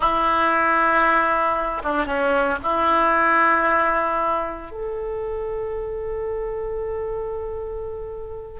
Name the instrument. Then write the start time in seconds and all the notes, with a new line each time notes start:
oboe
0.00 E4
1.83 D4
2.06 C#4
2.62 E4
4.71 A4